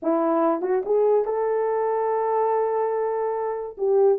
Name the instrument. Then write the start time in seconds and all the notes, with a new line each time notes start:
horn
0.02 E4
0.61 F#4
0.85 G#4
1.24 A4
3.77 G4